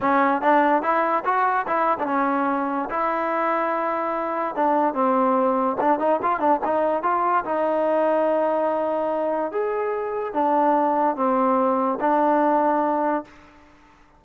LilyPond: \new Staff \with { instrumentName = "trombone" } { \time 4/4 \tempo 4 = 145 cis'4 d'4 e'4 fis'4 | e'8. d'16 cis'2 e'4~ | e'2. d'4 | c'2 d'8 dis'8 f'8 d'8 |
dis'4 f'4 dis'2~ | dis'2. gis'4~ | gis'4 d'2 c'4~ | c'4 d'2. | }